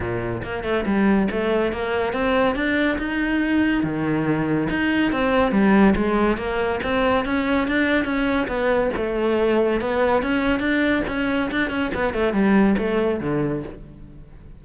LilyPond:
\new Staff \with { instrumentName = "cello" } { \time 4/4 \tempo 4 = 141 ais,4 ais8 a8 g4 a4 | ais4 c'4 d'4 dis'4~ | dis'4 dis2 dis'4 | c'4 g4 gis4 ais4 |
c'4 cis'4 d'4 cis'4 | b4 a2 b4 | cis'4 d'4 cis'4 d'8 cis'8 | b8 a8 g4 a4 d4 | }